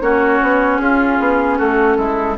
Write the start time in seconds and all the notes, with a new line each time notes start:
0.00 A#3 C#4 F#4 C#5
0.41 B3
0.78 C#4 F4 G#4
1.19 B3
1.58 A3 F#4 A4
1.97 G#3 E4